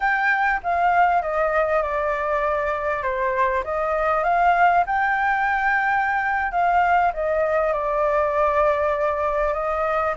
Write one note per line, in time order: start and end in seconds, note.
0.00 0.61 G5
0.63 1.22 F5
1.22 1.82 D#5
1.82 3.02 D5
3.02 3.63 C5
3.64 4.23 D#5
4.23 4.84 F5
4.86 6.51 G5
6.51 7.12 F5
7.13 7.73 D#5
7.73 9.53 D5
9.53 10.14 D#5